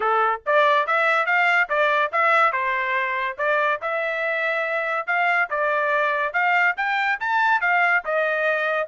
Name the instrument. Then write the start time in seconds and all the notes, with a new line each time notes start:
trumpet
0.00 A4
0.45 D5
0.86 E5
1.25 F5
1.69 D5
2.12 E5
2.52 C5
3.38 D5
3.81 E5
5.06 F5
5.50 D5
6.33 F5
6.76 G5
7.19 A5
7.60 F5
8.04 D#5